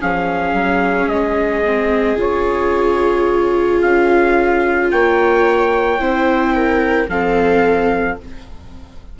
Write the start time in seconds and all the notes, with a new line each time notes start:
0.00 F3 C#4 G#4 F5
0.53 F#3
1.07 G#3 D#5
1.65 C4
2.16 C#3 F4 C#5
3.82 C#4 F5
4.91 A#3 C#5 G5
5.99 C4 E4 C5
6.55 A#4
7.08 F3 C4 A4 F5